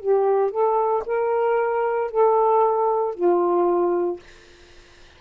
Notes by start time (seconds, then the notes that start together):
0.00 G4
0.51 A4
1.06 A#4
2.11 A4
3.14 F4